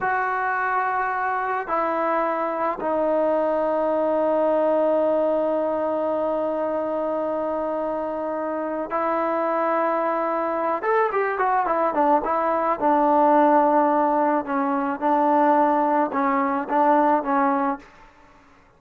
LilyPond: \new Staff \with { instrumentName = "trombone" } { \time 4/4 \tempo 4 = 108 fis'2. e'4~ | e'4 dis'2.~ | dis'1~ | dis'1 |
e'2.~ e'8 a'8 | g'8 fis'8 e'8 d'8 e'4 d'4~ | d'2 cis'4 d'4~ | d'4 cis'4 d'4 cis'4 | }